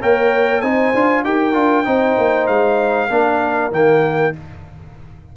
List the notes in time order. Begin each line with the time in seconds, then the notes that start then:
0.00 A#3 A#4 C#5 G5
0.61 C4 D#4 C5 G#5
0.94 D4 F4
1.24 D#4 G4 A#4 G5
1.53 D4 F4
1.85 C4 D#4 C5
2.18 A#3
2.47 G#3 F5
3.09 A#3 D4 A#4
3.71 D#3 A#3 G5